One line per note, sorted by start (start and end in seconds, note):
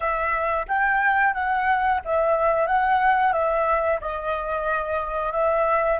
0.00 0.65 E5
0.68 1.33 G5
1.33 2.00 F#5
2.04 2.66 E5
2.66 3.32 F#5
3.32 3.99 E5
4.00 5.32 D#5
5.32 5.98 E5